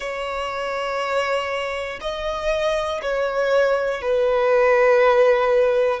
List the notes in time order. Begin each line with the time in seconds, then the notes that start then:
0.00 C#5
2.00 D#5
3.01 C#5
4.01 B4